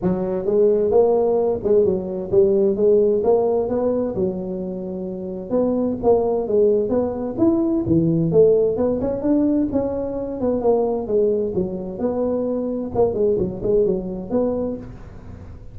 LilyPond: \new Staff \with { instrumentName = "tuba" } { \time 4/4 \tempo 4 = 130 fis4 gis4 ais4. gis8 | fis4 g4 gis4 ais4 | b4 fis2. | b4 ais4 gis4 b4 |
e'4 e4 a4 b8 cis'8 | d'4 cis'4. b8 ais4 | gis4 fis4 b2 | ais8 gis8 fis8 gis8 fis4 b4 | }